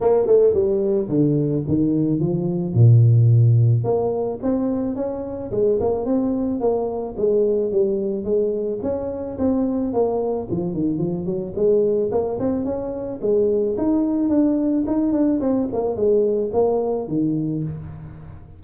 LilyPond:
\new Staff \with { instrumentName = "tuba" } { \time 4/4 \tempo 4 = 109 ais8 a8 g4 d4 dis4 | f4 ais,2 ais4 | c'4 cis'4 gis8 ais8 c'4 | ais4 gis4 g4 gis4 |
cis'4 c'4 ais4 f8 dis8 | f8 fis8 gis4 ais8 c'8 cis'4 | gis4 dis'4 d'4 dis'8 d'8 | c'8 ais8 gis4 ais4 dis4 | }